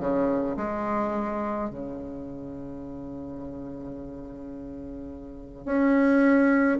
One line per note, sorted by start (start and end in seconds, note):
0.00 0.57 C#3
0.57 1.70 G#3
1.70 5.66 C#3
5.66 6.79 C#4